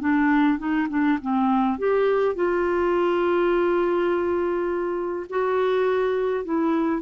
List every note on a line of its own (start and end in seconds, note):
0.00 0.58 D4
0.59 0.88 D#4
0.89 1.18 D4
1.22 1.78 C4
1.78 2.35 G4
2.35 5.27 F4
5.30 6.44 F#4
6.44 7.02 E4